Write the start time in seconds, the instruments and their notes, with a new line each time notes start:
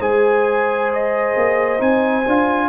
0.00 tuba G#3, trombone G#4, horn C5, trumpet G#5
0.93 trumpet D#5
1.36 tuba A#3
1.78 tuba C4, trombone D#4, trumpet G#5
2.27 tuba D4, trombone F4